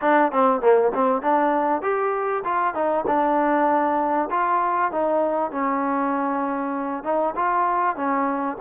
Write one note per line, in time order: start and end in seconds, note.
0.01 0.31 D4
0.32 0.61 C4
0.61 0.92 A#3
0.94 1.22 C4
1.22 1.81 D4
1.81 2.43 G4
2.44 2.74 F4
2.74 3.04 D#4
3.06 4.29 D4
4.30 4.91 F4
4.91 5.51 D#4
5.51 7.03 C#4
7.03 7.34 D#4
7.35 7.96 F4
7.96 8.57 C#4